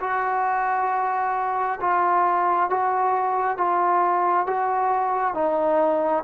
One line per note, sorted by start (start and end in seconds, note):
0.00 1.79 F#4
1.80 2.69 F4
2.69 3.57 F#4
3.57 4.46 F4
4.46 5.34 F#4
5.34 6.24 D#4